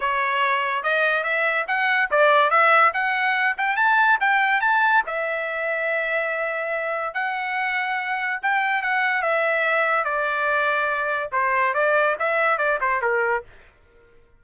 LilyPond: \new Staff \with { instrumentName = "trumpet" } { \time 4/4 \tempo 4 = 143 cis''2 dis''4 e''4 | fis''4 d''4 e''4 fis''4~ | fis''8 g''8 a''4 g''4 a''4 | e''1~ |
e''4 fis''2. | g''4 fis''4 e''2 | d''2. c''4 | d''4 e''4 d''8 c''8 ais'4 | }